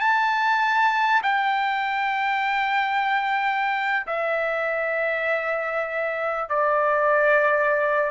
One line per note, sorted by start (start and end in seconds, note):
0.00 1.22 A5
1.22 4.06 G5
4.07 6.49 E5
6.49 8.10 D5